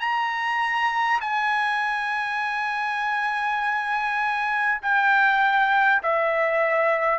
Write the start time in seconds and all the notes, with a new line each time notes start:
0.00 A#5
1.21 G#5
4.82 G5
6.03 E5